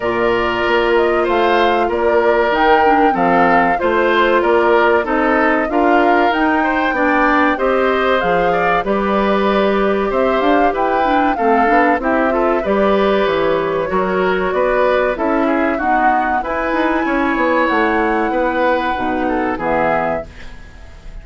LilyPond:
<<
  \new Staff \with { instrumentName = "flute" } { \time 4/4 \tempo 4 = 95 d''4. dis''8 f''4 d''4 | g''4 f''4 c''4 d''4 | dis''4 f''4 g''2 | dis''4 f''4 d''2 |
e''8 f''8 g''4 f''4 e''4 | d''4 cis''2 d''4 | e''4 fis''4 gis''2 | fis''2. e''4 | }
  \new Staff \with { instrumentName = "oboe" } { \time 4/4 ais'2 c''4 ais'4~ | ais'4 a'4 c''4 ais'4 | a'4 ais'4. c''8 d''4 | c''4. d''8 b'2 |
c''4 b'4 a'4 g'8 a'8 | b'2 ais'4 b'4 | a'8 gis'8 fis'4 b'4 cis''4~ | cis''4 b'4. a'8 gis'4 | }
  \new Staff \with { instrumentName = "clarinet" } { \time 4/4 f'1 | dis'8 d'8 c'4 f'2 | dis'4 f'4 dis'4 d'4 | g'4 gis'4 g'2~ |
g'4. d'8 c'8 d'8 e'8 f'8 | g'2 fis'2 | e'4 b4 e'2~ | e'2 dis'4 b4 | }
  \new Staff \with { instrumentName = "bassoon" } { \time 4/4 ais,4 ais4 a4 ais4 | dis4 f4 a4 ais4 | c'4 d'4 dis'4 b4 | c'4 f4 g2 |
c'8 d'8 e'4 a8 b8 c'4 | g4 e4 fis4 b4 | cis'4 dis'4 e'8 dis'8 cis'8 b8 | a4 b4 b,4 e4 | }
>>